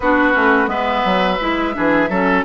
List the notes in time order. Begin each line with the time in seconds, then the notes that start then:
0.00 B3 D4 F#4 B4
0.32 A3 C#4
0.66 G#3 B3 B4 E5
1.04 F#3
1.40 G#3 E4
1.73 E3 D4 G#4
2.09 F#3 C#4 A4